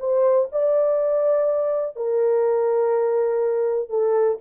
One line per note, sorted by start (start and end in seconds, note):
0.00 0.49 C5
0.52 1.96 D5
1.96 3.90 A#4
3.90 4.38 A4